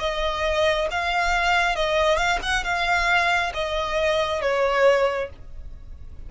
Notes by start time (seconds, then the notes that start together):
0.00 D#5
0.91 F5
1.76 D#5
2.17 F5
2.43 F#5
2.64 F5
3.55 D#5
4.42 C#5